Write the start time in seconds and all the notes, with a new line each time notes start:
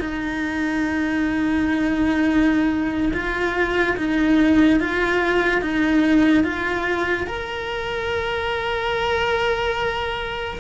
0.00 D#4
3.13 F4
3.97 D#4
4.80 F4
5.61 D#4
6.44 F4
7.27 A#4